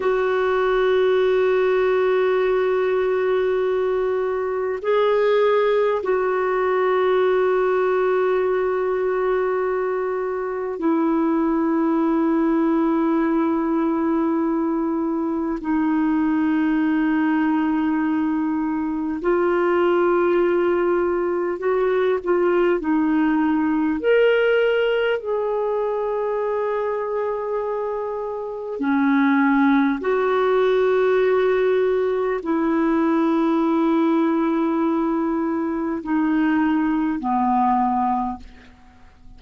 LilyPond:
\new Staff \with { instrumentName = "clarinet" } { \time 4/4 \tempo 4 = 50 fis'1 | gis'4 fis'2.~ | fis'4 e'2.~ | e'4 dis'2. |
f'2 fis'8 f'8 dis'4 | ais'4 gis'2. | cis'4 fis'2 e'4~ | e'2 dis'4 b4 | }